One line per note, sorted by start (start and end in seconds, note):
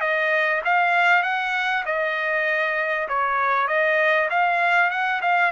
0.00 0.61 D#5
0.64 1.22 F5
1.22 1.84 F#5
1.85 3.08 D#5
3.08 3.67 C#5
3.67 4.29 D#5
4.30 4.90 F5
4.90 5.21 F#5
5.21 5.51 F5